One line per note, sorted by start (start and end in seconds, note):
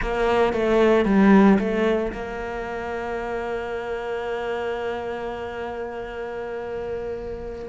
0.01 0.53 A#3
0.53 1.05 A3
1.05 1.58 G3
1.58 2.11 A3
2.12 7.68 A#3